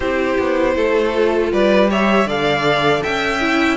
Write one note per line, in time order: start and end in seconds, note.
0.00 0.37 C4
0.00 1.13 E4
0.00 0.75 G4
0.00 1.51 C5
0.38 0.75 B3
0.75 1.51 A3
0.75 1.52 A4
1.13 1.89 F4
1.52 2.25 G3
1.52 1.90 B4
1.52 1.90 D5
1.89 2.27 G4
1.89 2.27 C#5
1.89 2.29 E5
2.25 3.01 D3
2.25 3.40 A4
2.25 3.02 D5
2.25 3.03 F5
3.02 3.77 C#4
3.02 3.77 E5
3.02 3.77 G5
3.40 3.77 E4